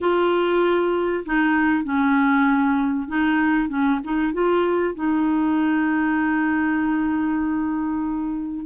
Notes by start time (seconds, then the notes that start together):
0.00 F4
1.25 D#4
1.84 C#4
3.08 D#4
3.69 C#4
4.03 D#4
4.33 F4
4.94 D#4